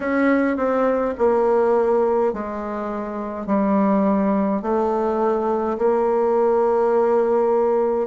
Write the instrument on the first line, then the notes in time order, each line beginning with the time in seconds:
bassoon
0.00 C#4
0.57 C4
1.18 A#3
2.33 G#3
3.46 G3
4.62 A3
5.77 A#3